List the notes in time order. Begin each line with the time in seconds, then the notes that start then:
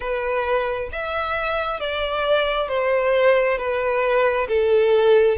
0.00 B4
0.92 E5
1.80 D5
2.68 C5
3.58 B4
4.48 A4